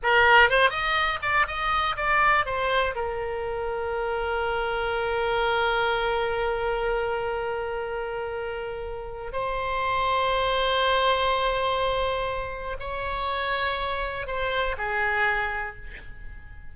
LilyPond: \new Staff \with { instrumentName = "oboe" } { \time 4/4 \tempo 4 = 122 ais'4 c''8 dis''4 d''8 dis''4 | d''4 c''4 ais'2~ | ais'1~ | ais'1~ |
ais'2. c''4~ | c''1~ | c''2 cis''2~ | cis''4 c''4 gis'2 | }